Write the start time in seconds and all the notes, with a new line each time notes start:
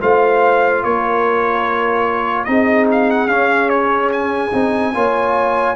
0.00 A3 F4 C5 F5
0.84 A#3 A#4 C#5
2.45 C4 D#4 G#4 D#5
2.92 F5
3.10 F#5
3.28 C#4 F5
3.69 C#5
4.12 G#5
4.52 C4 D#4
4.94 A#3 F4 C#5